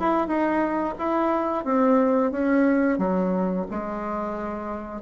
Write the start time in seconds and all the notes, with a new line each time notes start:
0.00 E4
0.28 D#4
0.99 E4
1.65 C4
2.32 C#4
2.98 F#3
3.71 G#3